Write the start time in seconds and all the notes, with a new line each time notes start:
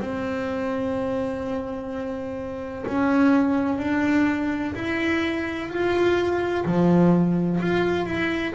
0.00 C4
2.87 C#4
3.79 D4
4.74 E4
5.69 F4
6.65 F3
7.61 F4
8.06 E4